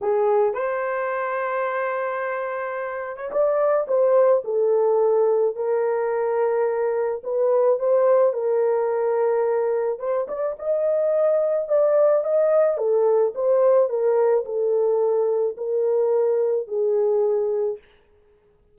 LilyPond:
\new Staff \with { instrumentName = "horn" } { \time 4/4 \tempo 4 = 108 gis'4 c''2.~ | c''4.~ c''16 cis''16 d''4 c''4 | a'2 ais'2~ | ais'4 b'4 c''4 ais'4~ |
ais'2 c''8 d''8 dis''4~ | dis''4 d''4 dis''4 a'4 | c''4 ais'4 a'2 | ais'2 gis'2 | }